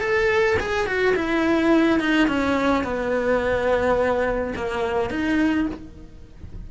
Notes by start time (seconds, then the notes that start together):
0.00 A4
0.60 G#4
0.86 F#4
1.15 E4
2.00 D#4
2.27 C#4
2.83 B3
4.56 A#3
5.10 D#4